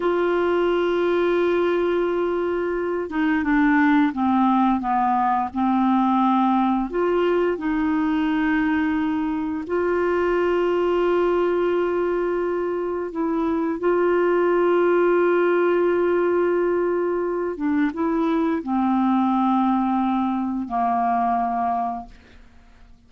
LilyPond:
\new Staff \with { instrumentName = "clarinet" } { \time 4/4 \tempo 4 = 87 f'1~ | f'8 dis'8 d'4 c'4 b4 | c'2 f'4 dis'4~ | dis'2 f'2~ |
f'2. e'4 | f'1~ | f'4. d'8 e'4 c'4~ | c'2 ais2 | }